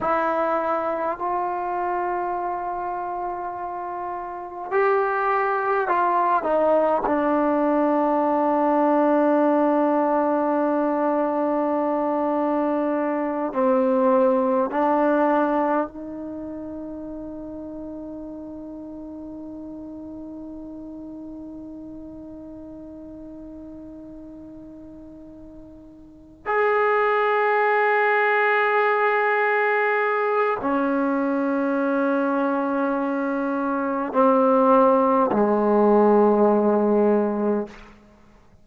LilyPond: \new Staff \with { instrumentName = "trombone" } { \time 4/4 \tempo 4 = 51 e'4 f'2. | g'4 f'8 dis'8 d'2~ | d'2.~ d'8 c'8~ | c'8 d'4 dis'2~ dis'8~ |
dis'1~ | dis'2~ dis'8 gis'4.~ | gis'2 cis'2~ | cis'4 c'4 gis2 | }